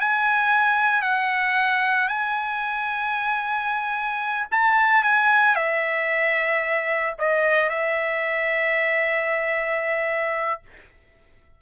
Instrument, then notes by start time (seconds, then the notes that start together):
trumpet
0.00 G#5
1.02 F#5
2.08 G#5
4.51 A5
5.03 G#5
5.56 E5
7.19 D#5
7.69 E5